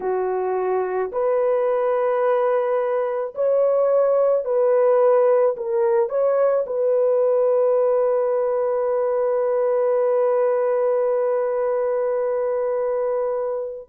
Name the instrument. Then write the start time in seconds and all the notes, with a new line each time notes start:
horn
0.00 F#4
1.12 B4
3.34 C#5
4.44 B4
5.57 A#4
6.09 C#5
6.66 B4